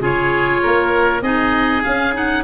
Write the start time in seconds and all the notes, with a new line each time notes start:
0.00 C#3 F4 G#4 C#5
0.62 A#3 A#4
1.22 C4 D#4 G#4 D#5
1.83 C#4 F5
2.13 D#4 F#5